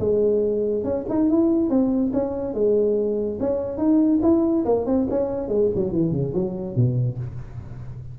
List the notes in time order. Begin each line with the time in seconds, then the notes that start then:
0.00 G#3
0.84 C#4
1.09 D#4
1.30 E4
1.70 C4
2.13 C#4
2.54 G#3
3.40 C#4
3.78 D#4
4.23 E4
4.65 A#3
4.86 C4
5.10 C#4
5.49 G#3
5.75 F#3
5.92 E3
6.12 C#3
6.34 F#3
6.76 B2